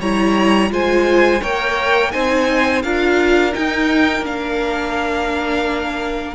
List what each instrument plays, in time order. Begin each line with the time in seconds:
0.00 cello G3, viola E4, violin C#5 A#5
0.70 cello G#3, viola F4, violin C5 G#5
1.41 cello A#3, viola A#4, violin C#5 G5
2.11 cello C4, viola D#4, violin C5 G#5
2.83 cello D4, viola F4, violin A#4 F5
3.52 viola D#4, cello D#4, violin G5
4.21 cello A#3, viola D4, violin F5